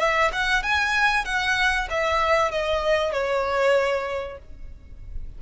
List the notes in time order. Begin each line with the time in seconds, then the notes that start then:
0.00 E5
0.33 F#5
0.63 G#5
1.25 F#5
1.90 E5
2.51 D#5
3.12 C#5